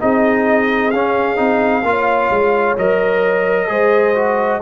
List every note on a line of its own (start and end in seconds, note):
0.00 0.93 C4
0.00 0.92 D#4
0.00 1.86 G#4
0.00 0.91 D#5
0.91 1.38 C#4
0.91 1.36 C#4
0.91 2.76 F5
1.36 1.83 C4
1.36 1.82 D#4
1.83 2.29 A#3
1.83 2.77 F4
1.83 3.70 C#5
2.30 2.77 G#3
2.77 3.69 F#3
2.77 3.68 A#4
2.77 4.62 D#5
3.68 4.61 G#3
3.68 4.14 G#4
3.68 4.62 C5
4.15 4.61 F#4